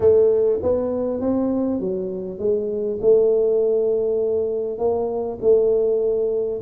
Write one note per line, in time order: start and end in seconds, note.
0.00 0.59 A3
0.62 1.20 B3
1.20 1.79 C4
1.79 2.38 F#3
2.38 2.98 G#3
3.01 4.78 A3
4.78 5.38 A#3
5.41 6.61 A3